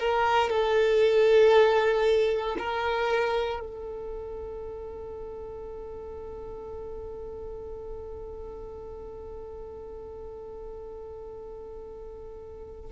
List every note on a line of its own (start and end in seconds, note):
0.00 0.50 A#4
0.50 2.57 A4
2.59 3.61 A#4
3.61 12.92 A4